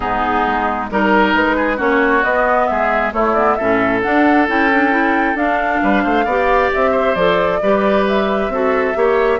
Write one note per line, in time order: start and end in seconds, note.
0.00 0.44 G#2
0.00 0.89 B3
0.00 0.90 D#4
0.00 0.87 G#4
0.46 0.91 G#3
0.90 1.34 G3
0.90 1.77 D#4
0.90 1.34 A#4
0.90 1.56 A#4
1.34 1.79 G#3
1.34 1.79 B4
1.56 1.76 G#4
1.76 2.24 A#3
1.76 2.22 C#4
1.76 2.66 F#4
1.76 2.23 C#5
2.23 2.69 B3
2.23 3.12 B3
2.23 2.67 D#5
2.67 3.12 G#3
2.67 3.13 G#4
2.67 3.12 E5
3.12 3.35 A3
3.12 3.57 A3
3.12 3.57 E4
3.12 3.33 C#5
3.33 3.58 B3
3.33 3.55 D5
3.55 4.04 A2
3.55 4.02 C#4
3.55 5.81 A4
3.55 4.00 E5
4.02 4.47 D4
4.02 4.48 D4
4.02 4.46 F#5
4.47 5.35 C#4
4.47 4.69 E4
4.47 5.36 G5
4.72 4.90 D4
4.90 5.35 E4
5.35 5.79 D4
5.35 6.27 D4
5.35 6.71 F5
5.82 6.04 G3
5.82 6.03 B4
6.03 6.25 A3
6.03 6.24 C5
6.24 6.70 B3
6.24 7.17 G4
6.24 6.91 D5
6.73 7.15 C4
6.73 7.14 E5
6.91 7.58 C5
7.14 7.60 F3
7.14 7.62 A4
7.14 8.04 D5
7.62 8.48 G3
7.62 8.52 G4
7.62 8.52 B4
8.07 9.39 E5
8.48 8.93 C4
8.48 8.94 F#4
8.48 8.97 A4
8.94 9.39 A#3
8.94 9.39 G4
8.94 9.39 C#5